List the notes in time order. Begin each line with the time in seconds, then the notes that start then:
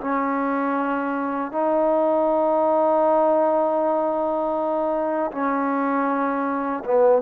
0.00 C#4
1.51 D#4
5.31 C#4
6.85 B3